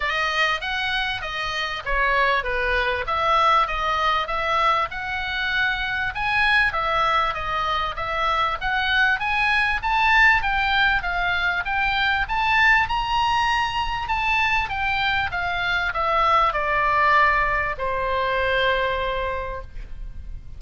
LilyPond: \new Staff \with { instrumentName = "oboe" } { \time 4/4 \tempo 4 = 98 dis''4 fis''4 dis''4 cis''4 | b'4 e''4 dis''4 e''4 | fis''2 gis''4 e''4 | dis''4 e''4 fis''4 gis''4 |
a''4 g''4 f''4 g''4 | a''4 ais''2 a''4 | g''4 f''4 e''4 d''4~ | d''4 c''2. | }